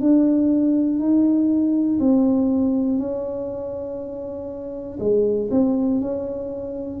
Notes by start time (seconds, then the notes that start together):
0.00 D4
0.99 D#4
2.00 C4
2.98 C#4
5.00 G#3
5.50 C4
6.00 C#4